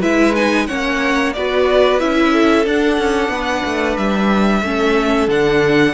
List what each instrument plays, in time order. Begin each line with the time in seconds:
0.00 cello G#3, viola E4, violin B4 E5
0.35 viola D#4, violin G#5
0.67 cello A#3, viola C#4, violin C#5 F#5
1.34 cello B3, viola F#4, violin B4 D5
1.99 cello C#4, viola E4, violin E5
2.33 violin A4
2.65 viola D4, cello D4, violin F#5
2.99 cello C#4
3.29 cello B3, violin B4
3.66 cello A3
3.97 cello G3, violin E5
4.62 cello A3, viola C#4, violin A4
5.28 cello D3, viola D4, violin F#5